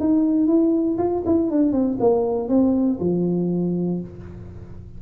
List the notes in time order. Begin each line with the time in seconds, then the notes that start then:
0.00 D#4
0.47 E4
0.98 F4
1.26 E4
1.51 D4
1.72 C4
2.00 A#3
2.49 C4
3.00 F3